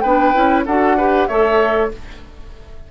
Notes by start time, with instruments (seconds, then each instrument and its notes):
0.00 bassoon B3, clarinet D4, oboe B4, flute G5
0.34 bassoon C#4, clarinet E4
0.65 bassoon D4, clarinet F#4, oboe A4, flute F#5
0.97 clarinet G4, oboe B4
1.27 bassoon A3, clarinet A4, oboe C#5, flute E5